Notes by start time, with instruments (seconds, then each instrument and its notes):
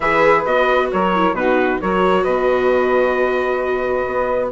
0.00 bassoon E3, viola G#4, saxophone B4, trumpet E5
0.45 bassoon B3, viola F#4, trumpet D#5
0.91 bassoon F#3, saxophone A#4, trumpet C#5
1.14 viola E4
1.33 bassoon B2, viola D#4, saxophone F#4, trumpet B4
1.80 bassoon F#3, viola F#4, saxophone A#4, trumpet C#5
2.22 bassoon B2, saxophone B4, trumpet D#5
4.06 bassoon B3